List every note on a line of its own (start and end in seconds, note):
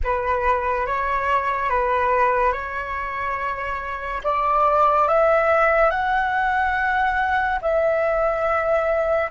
0.03 0.86 B4
0.86 1.69 C#5
1.69 2.52 B4
2.52 4.21 C#5
4.23 5.07 D5
5.07 5.90 E5
5.90 7.59 F#5
7.61 9.30 E5